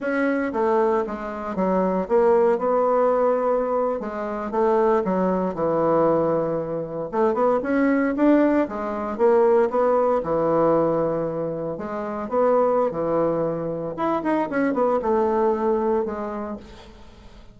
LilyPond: \new Staff \with { instrumentName = "bassoon" } { \time 4/4 \tempo 4 = 116 cis'4 a4 gis4 fis4 | ais4 b2~ b8. gis16~ | gis8. a4 fis4 e4~ e16~ | e4.~ e16 a8 b8 cis'4 d'16~ |
d'8. gis4 ais4 b4 e16~ | e2~ e8. gis4 b16~ | b4 e2 e'8 dis'8 | cis'8 b8 a2 gis4 | }